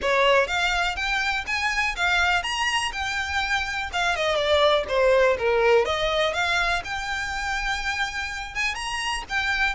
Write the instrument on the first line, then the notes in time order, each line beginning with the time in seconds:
violin
0.01 C#5
0.47 F5
0.96 G5
1.46 G#5
1.96 F5
2.43 A#5
2.92 G5
3.92 F5
4.16 D#5
4.35 D5
4.88 C5
5.38 A#4
5.85 D#5
6.33 F5
6.84 G5
8.55 G#5
8.74 A#5
9.29 G5